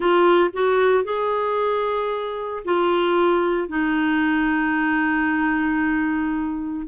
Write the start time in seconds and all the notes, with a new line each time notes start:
0.00 F4
0.53 F#4
1.04 G#4
2.64 F4
3.68 D#4